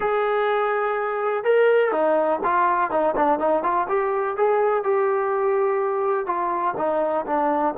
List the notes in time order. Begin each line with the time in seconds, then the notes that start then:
0.00 G#4
1.43 A#4
1.91 D#4
2.43 F4
2.90 D#4
3.15 D4
3.39 D#4
3.63 F4
3.88 G4
4.36 G#4
4.83 G4
6.26 F4
6.77 D#4
7.26 D4